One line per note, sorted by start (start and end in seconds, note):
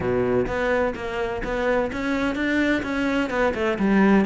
0.00 0.46 B2
0.47 0.94 B3
0.95 1.42 A#3
1.43 1.91 B3
1.92 2.35 C#4
2.35 2.82 D4
2.82 3.29 C#4
3.29 3.53 B3
3.54 3.78 A3
3.78 4.25 G3